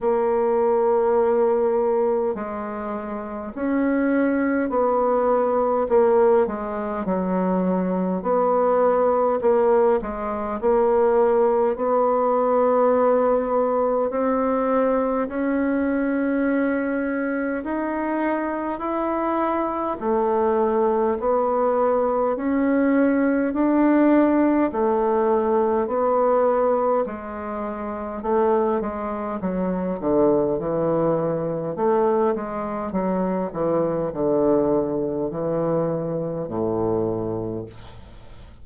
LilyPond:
\new Staff \with { instrumentName = "bassoon" } { \time 4/4 \tempo 4 = 51 ais2 gis4 cis'4 | b4 ais8 gis8 fis4 b4 | ais8 gis8 ais4 b2 | c'4 cis'2 dis'4 |
e'4 a4 b4 cis'4 | d'4 a4 b4 gis4 | a8 gis8 fis8 d8 e4 a8 gis8 | fis8 e8 d4 e4 a,4 | }